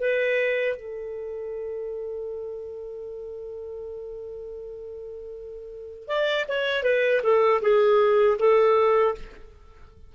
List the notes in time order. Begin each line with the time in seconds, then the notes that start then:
0.00 B4
0.76 A4
6.08 D5
6.48 C#5
6.83 B4
7.23 A4
7.62 G#4
8.39 A4